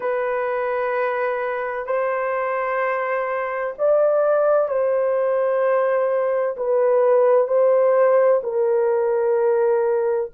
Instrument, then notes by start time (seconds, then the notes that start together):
horn
0.00 B4
1.86 C5
3.78 D5
4.68 C5
6.56 B4
7.47 C5
8.43 A#4